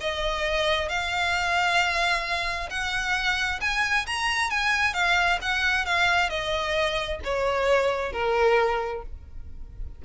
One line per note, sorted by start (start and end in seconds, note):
0.00 0.89 D#5
0.89 2.69 F5
2.69 3.60 F#5
3.60 4.06 G#5
4.06 4.50 A#5
4.50 4.93 G#5
4.93 5.38 F5
5.41 5.85 F#5
5.85 6.29 F5
6.29 7.20 D#5
7.23 8.12 C#5
8.12 9.02 A#4